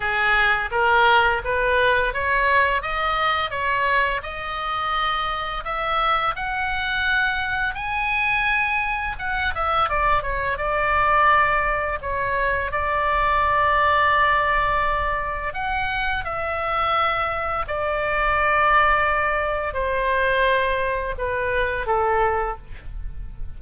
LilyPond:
\new Staff \with { instrumentName = "oboe" } { \time 4/4 \tempo 4 = 85 gis'4 ais'4 b'4 cis''4 | dis''4 cis''4 dis''2 | e''4 fis''2 gis''4~ | gis''4 fis''8 e''8 d''8 cis''8 d''4~ |
d''4 cis''4 d''2~ | d''2 fis''4 e''4~ | e''4 d''2. | c''2 b'4 a'4 | }